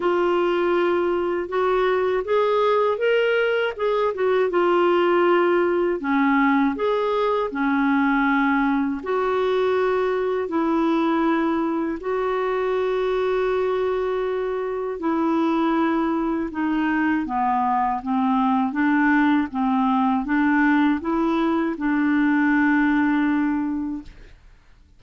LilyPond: \new Staff \with { instrumentName = "clarinet" } { \time 4/4 \tempo 4 = 80 f'2 fis'4 gis'4 | ais'4 gis'8 fis'8 f'2 | cis'4 gis'4 cis'2 | fis'2 e'2 |
fis'1 | e'2 dis'4 b4 | c'4 d'4 c'4 d'4 | e'4 d'2. | }